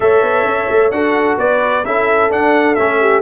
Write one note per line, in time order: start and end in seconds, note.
0.00 0.22 A3
0.00 0.91 A4
0.00 0.94 C#5
0.00 0.91 E5
0.22 0.45 B3
0.45 0.68 C#4
0.70 0.90 A3
0.90 1.37 D4
0.90 1.84 F#4
0.90 1.38 A4
0.90 1.37 F#5
1.38 1.84 B3
1.38 1.84 B4
1.38 1.85 D5
1.84 2.30 C#4
1.84 2.29 E4
1.84 3.00 A4
1.84 2.31 E5
2.29 2.76 D4
2.29 2.77 D4
2.29 2.75 F#5
2.75 3.22 A3
2.75 3.22 C#4
2.75 3.21 E5
3.00 3.22 G4